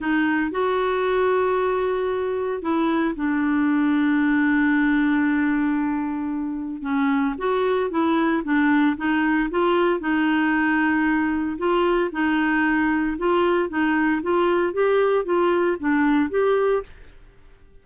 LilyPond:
\new Staff \with { instrumentName = "clarinet" } { \time 4/4 \tempo 4 = 114 dis'4 fis'2.~ | fis'4 e'4 d'2~ | d'1~ | d'4 cis'4 fis'4 e'4 |
d'4 dis'4 f'4 dis'4~ | dis'2 f'4 dis'4~ | dis'4 f'4 dis'4 f'4 | g'4 f'4 d'4 g'4 | }